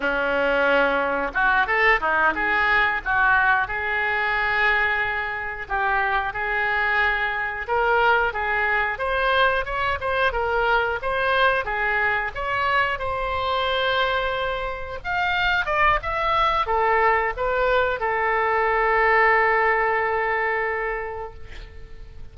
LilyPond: \new Staff \with { instrumentName = "oboe" } { \time 4/4 \tempo 4 = 90 cis'2 fis'8 a'8 dis'8 gis'8~ | gis'8 fis'4 gis'2~ gis'8~ | gis'8 g'4 gis'2 ais'8~ | ais'8 gis'4 c''4 cis''8 c''8 ais'8~ |
ais'8 c''4 gis'4 cis''4 c''8~ | c''2~ c''8 f''4 d''8 | e''4 a'4 b'4 a'4~ | a'1 | }